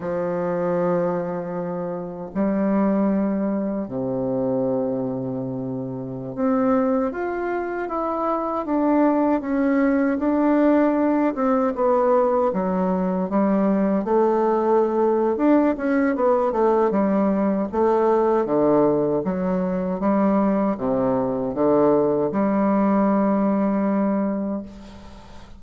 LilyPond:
\new Staff \with { instrumentName = "bassoon" } { \time 4/4 \tempo 4 = 78 f2. g4~ | g4 c2.~ | c16 c'4 f'4 e'4 d'8.~ | d'16 cis'4 d'4. c'8 b8.~ |
b16 fis4 g4 a4.~ a16 | d'8 cis'8 b8 a8 g4 a4 | d4 fis4 g4 c4 | d4 g2. | }